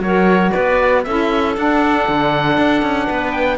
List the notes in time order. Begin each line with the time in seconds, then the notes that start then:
0.00 F#3 F#4 A#4 C#5
0.52 B3 B4 D5
1.04 C#4 E4 A4 E5
1.56 D4 F#5
2.08 D3
2.58 D4
2.83 C#4
3.07 B3 B4
3.32 G5